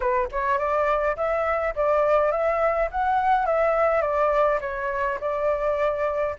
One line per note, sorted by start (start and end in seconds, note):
0.00 0.28 B4
0.31 0.58 C#5
0.58 1.16 D5
1.16 1.74 E5
1.75 2.31 D5
2.31 2.89 E5
2.91 3.45 F#5
3.45 4.01 E5
4.01 4.59 D5
4.60 5.18 C#5
5.20 6.35 D5